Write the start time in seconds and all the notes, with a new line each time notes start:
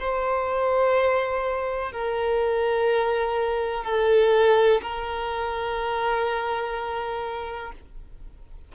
0.00 C5
1.92 A#4
3.84 A4
4.82 A#4